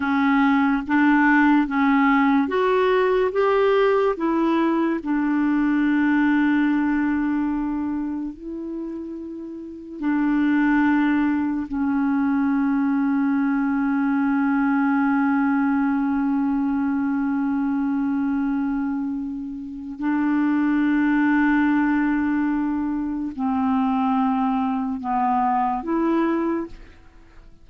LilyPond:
\new Staff \with { instrumentName = "clarinet" } { \time 4/4 \tempo 4 = 72 cis'4 d'4 cis'4 fis'4 | g'4 e'4 d'2~ | d'2 e'2 | d'2 cis'2~ |
cis'1~ | cis'1 | d'1 | c'2 b4 e'4 | }